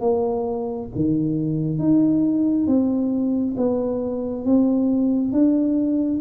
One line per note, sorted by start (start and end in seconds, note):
0.00 0.88 A#3
0.95 1.78 D#3
1.78 2.67 D#4
2.67 3.55 C4
3.57 4.45 B3
4.45 5.32 C4
5.32 6.20 D4